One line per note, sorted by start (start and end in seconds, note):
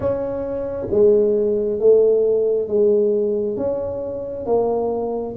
0.00 0.87 C#4
0.90 1.79 G#3
1.79 2.67 A3
2.67 3.57 G#3
3.57 4.46 C#4
4.46 5.35 A#3